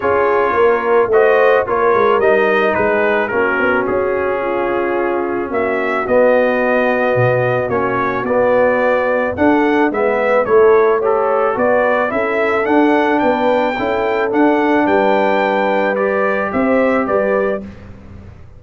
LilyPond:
<<
  \new Staff \with { instrumentName = "trumpet" } { \time 4/4 \tempo 4 = 109 cis''2 dis''4 cis''4 | dis''4 b'4 ais'4 gis'4~ | gis'2 e''4 dis''4~ | dis''2 cis''4 d''4~ |
d''4 fis''4 e''4 cis''4 | a'4 d''4 e''4 fis''4 | g''2 fis''4 g''4~ | g''4 d''4 e''4 d''4 | }
  \new Staff \with { instrumentName = "horn" } { \time 4/4 gis'4 ais'4 c''4 ais'4~ | ais'4 gis'4 fis'2 | f'2 fis'2~ | fis'1~ |
fis'4 a'4 b'4 a'4 | cis''4 b'4 a'2 | b'4 a'2 b'4~ | b'2 c''4 b'4 | }
  \new Staff \with { instrumentName = "trombone" } { \time 4/4 f'2 fis'4 f'4 | dis'2 cis'2~ | cis'2. b4~ | b2 cis'4 b4~ |
b4 d'4 b4 e'4 | g'4 fis'4 e'4 d'4~ | d'4 e'4 d'2~ | d'4 g'2. | }
  \new Staff \with { instrumentName = "tuba" } { \time 4/4 cis'4 ais4 a4 ais8 gis8 | g4 gis4 ais8 b8 cis'4~ | cis'2 ais4 b4~ | b4 b,4 ais4 b4~ |
b4 d'4 gis4 a4~ | a4 b4 cis'4 d'4 | b4 cis'4 d'4 g4~ | g2 c'4 g4 | }
>>